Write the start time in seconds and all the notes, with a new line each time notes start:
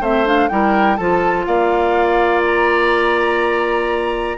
0.00 A3 C4 C5 E5
0.25 D4 F5
0.48 G3 E4 A#4 G5
0.97 F3 F4 A4 A5
1.46 A#3 D5 F5
2.46 A#5